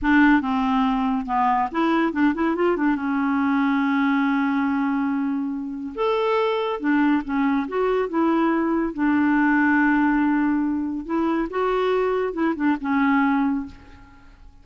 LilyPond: \new Staff \with { instrumentName = "clarinet" } { \time 4/4 \tempo 4 = 141 d'4 c'2 b4 | e'4 d'8 e'8 f'8 d'8 cis'4~ | cis'1~ | cis'2 a'2 |
d'4 cis'4 fis'4 e'4~ | e'4 d'2.~ | d'2 e'4 fis'4~ | fis'4 e'8 d'8 cis'2 | }